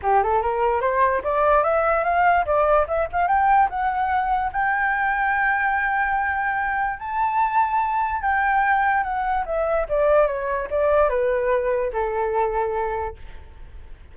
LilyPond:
\new Staff \with { instrumentName = "flute" } { \time 4/4 \tempo 4 = 146 g'8 a'8 ais'4 c''4 d''4 | e''4 f''4 d''4 e''8 f''8 | g''4 fis''2 g''4~ | g''1~ |
g''4 a''2. | g''2 fis''4 e''4 | d''4 cis''4 d''4 b'4~ | b'4 a'2. | }